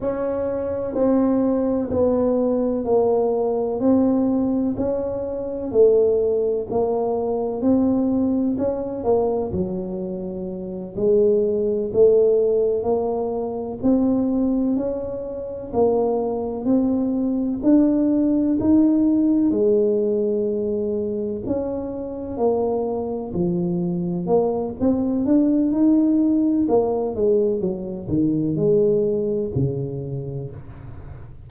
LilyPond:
\new Staff \with { instrumentName = "tuba" } { \time 4/4 \tempo 4 = 63 cis'4 c'4 b4 ais4 | c'4 cis'4 a4 ais4 | c'4 cis'8 ais8 fis4. gis8~ | gis8 a4 ais4 c'4 cis'8~ |
cis'8 ais4 c'4 d'4 dis'8~ | dis'8 gis2 cis'4 ais8~ | ais8 f4 ais8 c'8 d'8 dis'4 | ais8 gis8 fis8 dis8 gis4 cis4 | }